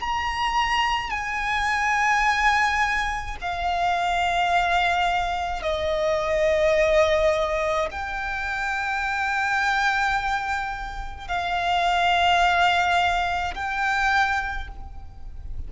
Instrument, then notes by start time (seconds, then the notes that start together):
violin
0.00 A#5
1.10 G#5
3.41 F5
5.62 D#5
7.90 G5
11.27 F5
13.54 G5